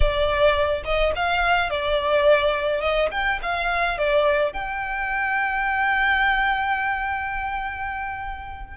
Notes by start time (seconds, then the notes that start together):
0.00 D5
0.84 D#5
1.15 F5
1.70 D5
2.80 D#5
3.11 G5
3.42 F5
3.98 D5
4.53 G5